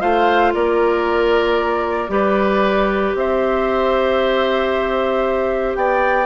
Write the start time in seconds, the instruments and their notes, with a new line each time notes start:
0.00 bassoon A3, clarinet F4, oboe C5, flute F5
0.54 bassoon A#3, oboe A#4, flute D5
2.08 bassoon G3, clarinet G4, oboe B4
3.14 bassoon C4, oboe C5, flute E5
5.75 bassoon B3, oboe D5, flute G5